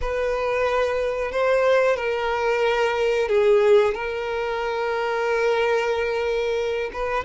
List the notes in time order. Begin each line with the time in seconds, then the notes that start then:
0.01 B4
1.31 C5
1.96 A#4
3.28 G#4
3.94 A#4
6.93 B4